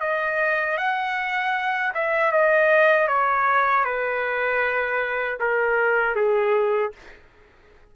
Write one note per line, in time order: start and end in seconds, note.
0.00 0.77 D#5
0.77 1.93 F#5
1.94 2.31 E5
2.31 3.08 D#5
3.08 3.84 C#5
3.84 5.38 B4
5.40 6.15 A#4
6.15 6.92 G#4